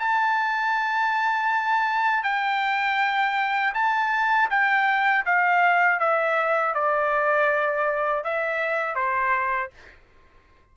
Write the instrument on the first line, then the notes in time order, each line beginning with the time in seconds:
trumpet
0.00 A5
2.24 G5
3.74 A5
4.50 G5
5.26 F5
6.00 E5
6.75 D5
8.24 E5
8.96 C5